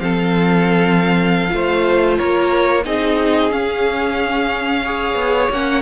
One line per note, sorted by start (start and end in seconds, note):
0.00 1.50 F3
0.00 1.48 C4
0.00 1.52 A4
0.00 2.17 F5
1.48 2.19 A3
1.48 2.81 F4
1.54 2.18 C5
2.17 2.85 A#3
2.17 2.84 A#4
2.17 2.84 C#5
2.84 3.51 C4
2.84 3.51 D#4
2.84 4.83 G#4
2.84 3.52 D#5
3.51 4.84 C#4
3.51 5.14 C#4
3.51 5.52 F5
4.83 5.52 G#4
4.83 5.82 C#5
5.14 5.48 B3
5.50 5.82 A#3
5.50 5.82 C#4
5.50 5.82 F#5